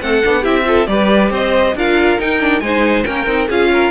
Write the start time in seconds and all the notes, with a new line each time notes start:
0.00 A3 C4 A4 F#5
0.24 B3 D4
0.41 C4 E4 G4 E5
0.64 F4 A4
0.87 G3 G4 B4 D5
1.30 C4 C5 D#5
1.74 D4 F4 A#4 F5
2.19 D#4 G5
2.40 D4
2.60 G#3 D#4 C5 G#5
3.04 A#3 C#4 A#4 G5
3.26 C4 D#4
3.48 C#4 F4 G#4 F5
3.73 A#4